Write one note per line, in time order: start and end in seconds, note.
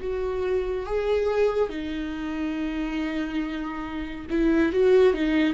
0.00 0.86 F#4
0.86 1.69 G#4
1.69 4.26 D#4
4.30 4.72 E4
4.72 5.13 F#4
5.13 5.53 D#4